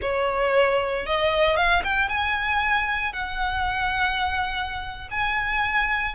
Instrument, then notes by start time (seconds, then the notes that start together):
violin
0.01 C#5
1.06 D#5
1.56 F5
1.84 G5
2.08 G#5
3.12 F#5
5.10 G#5